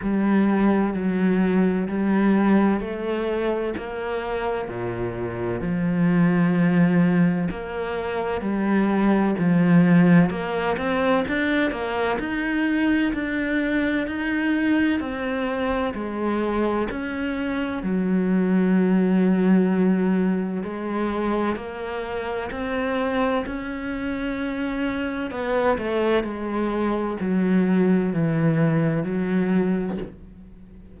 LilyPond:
\new Staff \with { instrumentName = "cello" } { \time 4/4 \tempo 4 = 64 g4 fis4 g4 a4 | ais4 ais,4 f2 | ais4 g4 f4 ais8 c'8 | d'8 ais8 dis'4 d'4 dis'4 |
c'4 gis4 cis'4 fis4~ | fis2 gis4 ais4 | c'4 cis'2 b8 a8 | gis4 fis4 e4 fis4 | }